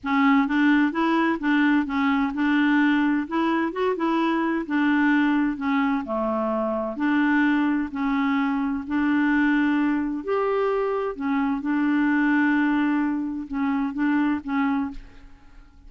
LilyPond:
\new Staff \with { instrumentName = "clarinet" } { \time 4/4 \tempo 4 = 129 cis'4 d'4 e'4 d'4 | cis'4 d'2 e'4 | fis'8 e'4. d'2 | cis'4 a2 d'4~ |
d'4 cis'2 d'4~ | d'2 g'2 | cis'4 d'2.~ | d'4 cis'4 d'4 cis'4 | }